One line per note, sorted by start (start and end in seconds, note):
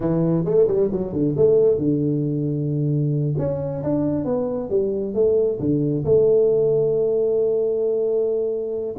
0.00 0.44 E3
0.44 0.67 A3
0.67 0.90 G3
0.92 1.12 F#3
1.12 1.35 D3
1.36 1.78 A3
1.78 3.34 D3
3.38 3.82 C#4
3.83 4.25 D4
4.25 4.69 B3
4.69 5.14 G3
5.14 5.59 A3
5.59 6.04 D3
6.04 8.95 A3